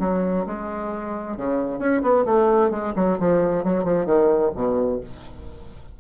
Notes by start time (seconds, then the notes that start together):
0.00 F#3
0.47 G#3
1.37 C#3
1.79 C#4
2.03 B3
2.26 A3
2.71 G#3
2.96 F#3
3.19 F3
3.64 F#3
3.85 F3
4.06 D#3
4.55 B2